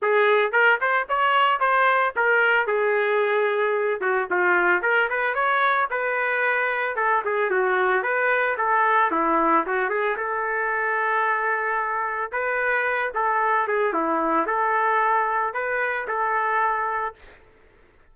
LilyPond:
\new Staff \with { instrumentName = "trumpet" } { \time 4/4 \tempo 4 = 112 gis'4 ais'8 c''8 cis''4 c''4 | ais'4 gis'2~ gis'8 fis'8 | f'4 ais'8 b'8 cis''4 b'4~ | b'4 a'8 gis'8 fis'4 b'4 |
a'4 e'4 fis'8 gis'8 a'4~ | a'2. b'4~ | b'8 a'4 gis'8 e'4 a'4~ | a'4 b'4 a'2 | }